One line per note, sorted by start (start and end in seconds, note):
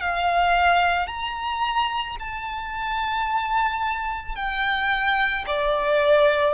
0.00 1.07 F5
1.07 2.16 A#5
2.19 4.35 A5
4.35 5.44 G5
5.46 6.54 D5